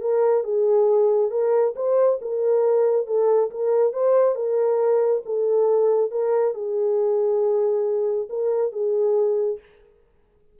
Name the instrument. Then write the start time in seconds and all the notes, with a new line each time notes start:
horn
0.00 A#4
0.43 G#4
1.30 A#4
1.75 C5
2.21 A#4
3.06 A4
3.50 A#4
3.93 C5
4.35 A#4
5.25 A4
6.11 A#4
6.54 G#4
8.29 A#4
8.72 G#4